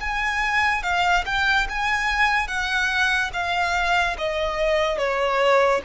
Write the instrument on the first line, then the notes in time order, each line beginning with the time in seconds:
violin
0.00 G#5
0.82 F5
1.25 G5
1.69 G#5
2.47 F#5
3.33 F5
4.17 D#5
4.98 C#5